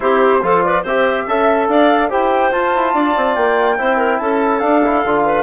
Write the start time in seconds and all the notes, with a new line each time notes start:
0.00 C4 E4 G4 C5
0.42 F3 F4 A4
0.62 B4 D5
0.83 C4 G4 C5 E5
1.27 C#4 A4 E5
1.67 D4 D5 F5
2.09 E4 G4 C5 G5
2.51 F4 A5
2.75 E4
2.94 D4 D5
3.16 C4
3.35 A#3 G5
3.78 C4 E4 C5
3.97 A#4
4.18 C#4 A4 A5
4.59 D4 F5
4.84 E4
5.04 D3 F4
5.24 B4